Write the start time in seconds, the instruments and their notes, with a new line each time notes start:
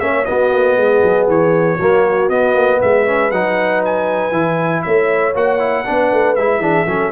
0.00 tuba A#3, trombone C#4, horn C#5, trumpet E5
0.25 trombone B3, tuba B3, horn F#4, trumpet D#5
0.53 tuba A#3
0.77 tuba G#3, horn G#4
1.03 tuba F#3
1.28 tuba E3, trumpet C#5
1.77 tuba F#3, trombone A#3, horn F#4
2.30 tuba B3, trombone B3, trumpet D#5
2.55 tuba A#3
2.81 tuba G#3, horn B4, trumpet E5
3.06 trombone C#4
3.31 tuba F#3, trombone D#4, trumpet F#5
3.85 trumpet G#5
4.32 tuba E3, trombone E4
4.82 tuba A3, horn C#5, trumpet E5
5.35 tuba A#3, trombone F#4, trumpet F#5
5.59 trombone E4
5.86 tuba B3, trombone D4, horn B4
6.12 tuba A3
6.36 tuba G#3, trombone E4, trumpet E5
6.59 tuba E3, trombone D4, horn G#4
6.87 tuba F#3, trombone C#4, horn A4